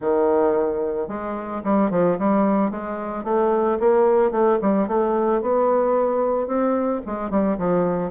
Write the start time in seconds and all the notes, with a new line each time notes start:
0.00 D#3
1.07 G#3
1.64 G3
1.90 F3
2.18 G3
2.70 G#3
3.24 A3
3.79 A#3
4.31 A3
4.61 G3
4.87 A3
5.41 B3
6.47 C4
7.05 G#3
7.30 G3
7.58 F3